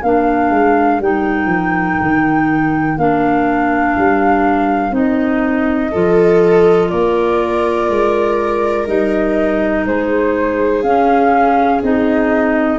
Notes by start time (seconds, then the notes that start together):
0.00 A#3 D4 A#4 F5
0.50 G#3
1.00 G3 D#4 G5
1.46 F3
2.01 D#3
2.97 A#3 D4 F5
3.98 G3
4.91 C4 D#4 D#5
5.92 F3 F4 A4
6.90 A#3 A#4 D5
7.89 G#3
8.87 G3 D#4 D#5
9.86 G#3 G#4 C5
10.83 C#4 F5
11.83 C4 D#4 D#5